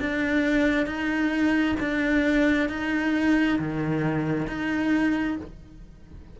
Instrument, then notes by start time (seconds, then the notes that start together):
cello
0.00 D4
0.86 D#4
1.80 D4
2.69 D#4
3.59 D#3
4.47 D#4